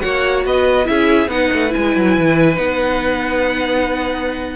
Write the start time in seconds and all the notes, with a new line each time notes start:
0.00 A#3 F#4 C#5 F#5
0.45 B3 B4 D#5
0.85 C#4 E4 G#4 E5
1.28 B3 D#4 B4 F#5
1.53 A3
1.69 E4 G#5
1.76 G#3
1.96 F#3
2.18 E3
2.55 B3 D#4 F#5